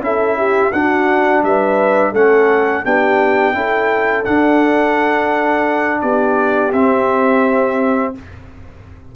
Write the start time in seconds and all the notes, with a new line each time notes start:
0.00 C#4 E4 A4 E5
0.37 G4
0.72 D4 F#4 F#5
1.42 G3 B4 E5
2.12 A3 C#4 A4 F#5
2.84 B3 D4 G4 G5
3.53 C#4 E4 A4
4.24 D4 F#5
6.01 B3 G4 D5
6.72 C4 E5